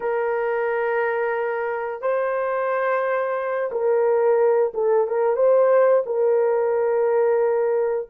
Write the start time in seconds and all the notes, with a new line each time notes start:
0.00 A#4
2.01 C5
3.71 A#4
4.74 A4
5.07 A#4
5.36 C5
6.06 A#4